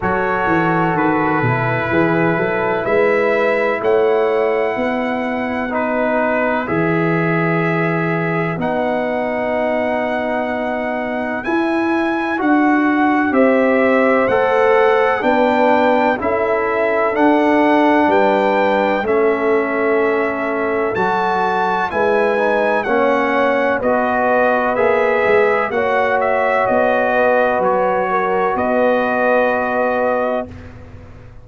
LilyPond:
<<
  \new Staff \with { instrumentName = "trumpet" } { \time 4/4 \tempo 4 = 63 cis''4 b'2 e''4 | fis''2 b'4 e''4~ | e''4 fis''2. | gis''4 fis''4 e''4 fis''4 |
g''4 e''4 fis''4 g''4 | e''2 a''4 gis''4 | fis''4 dis''4 e''4 fis''8 e''8 | dis''4 cis''4 dis''2 | }
  \new Staff \with { instrumentName = "horn" } { \time 4/4 a'2 gis'8 a'8 b'4 | cis''4 b'2.~ | b'1~ | b'2 c''2 |
b'4 a'2 b'4 | a'2. b'4 | cis''4 b'2 cis''4~ | cis''8 b'4 ais'8 b'2 | }
  \new Staff \with { instrumentName = "trombone" } { \time 4/4 fis'4. e'2~ e'8~ | e'2 dis'4 gis'4~ | gis'4 dis'2. | e'4 fis'4 g'4 a'4 |
d'4 e'4 d'2 | cis'2 fis'4 e'8 dis'8 | cis'4 fis'4 gis'4 fis'4~ | fis'1 | }
  \new Staff \with { instrumentName = "tuba" } { \time 4/4 fis8 e8 dis8 b,8 e8 fis8 gis4 | a4 b2 e4~ | e4 b2. | e'4 d'4 c'4 a4 |
b4 cis'4 d'4 g4 | a2 fis4 gis4 | ais4 b4 ais8 gis8 ais4 | b4 fis4 b2 | }
>>